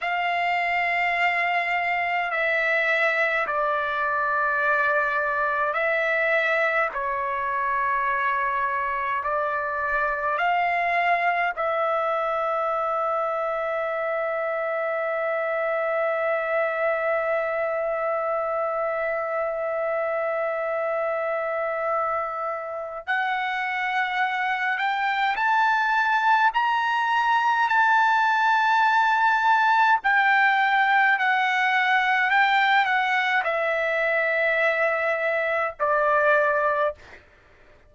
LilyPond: \new Staff \with { instrumentName = "trumpet" } { \time 4/4 \tempo 4 = 52 f''2 e''4 d''4~ | d''4 e''4 cis''2 | d''4 f''4 e''2~ | e''1~ |
e''1 | fis''4. g''8 a''4 ais''4 | a''2 g''4 fis''4 | g''8 fis''8 e''2 d''4 | }